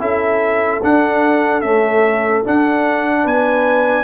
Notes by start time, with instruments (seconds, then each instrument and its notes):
0.00 tuba C#4, trombone E4, horn A4, trumpet E5
0.83 trombone D4, tuba D4, trumpet F#5
1.61 trombone A3, tuba C#4, trumpet E5
2.45 trombone D4, tuba D4, trumpet F#5
3.24 tuba B3, horn B4, trumpet G#5